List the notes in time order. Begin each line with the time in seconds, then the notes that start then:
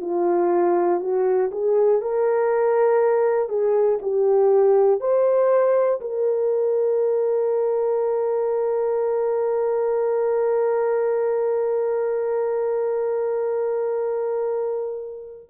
0.00 F4
1.00 F#4
1.51 G#4
2.01 A#4
3.49 G#4
4.01 G4
5.00 C5
6.00 A#4